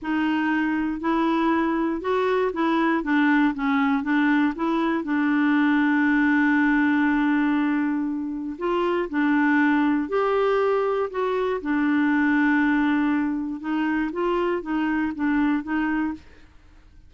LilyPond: \new Staff \with { instrumentName = "clarinet" } { \time 4/4 \tempo 4 = 119 dis'2 e'2 | fis'4 e'4 d'4 cis'4 | d'4 e'4 d'2~ | d'1~ |
d'4 f'4 d'2 | g'2 fis'4 d'4~ | d'2. dis'4 | f'4 dis'4 d'4 dis'4 | }